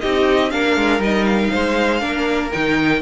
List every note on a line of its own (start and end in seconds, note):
0.00 0.53 C4
0.00 0.50 D#4
0.00 0.52 G4
0.00 0.50 D#5
0.50 0.76 A#3
0.50 1.00 D4
0.50 1.51 A#4
0.50 1.00 F5
0.76 0.99 G#3
0.99 1.49 G3
0.99 1.99 D#4
0.99 1.25 D#5
1.25 2.50 F5
1.51 2.02 G#3
1.51 2.00 C5
1.99 2.52 A#3
1.99 2.49 D4
1.99 3.00 A#4
2.53 3.02 D#3
2.53 3.02 D#4
2.53 3.02 G5